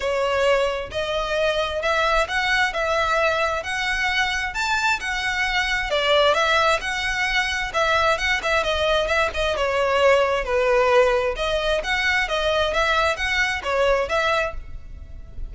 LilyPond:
\new Staff \with { instrumentName = "violin" } { \time 4/4 \tempo 4 = 132 cis''2 dis''2 | e''4 fis''4 e''2 | fis''2 a''4 fis''4~ | fis''4 d''4 e''4 fis''4~ |
fis''4 e''4 fis''8 e''8 dis''4 | e''8 dis''8 cis''2 b'4~ | b'4 dis''4 fis''4 dis''4 | e''4 fis''4 cis''4 e''4 | }